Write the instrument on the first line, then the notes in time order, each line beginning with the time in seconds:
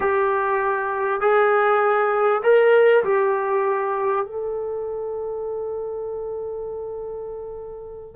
trombone
0.00 G4
1.21 G#4
2.43 A#4
3.04 G4
4.25 A4